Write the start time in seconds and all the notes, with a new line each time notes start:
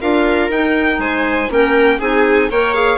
0.00 D4 F4 A#4 F5
0.49 D#4 G5
0.98 G#3 C5 G#5
1.49 A#3 C#4 A#4 G5
1.99 C4 D#4 G#4 G#5
2.50 A#3 A#4 C#5 G5
2.74 G#4 F5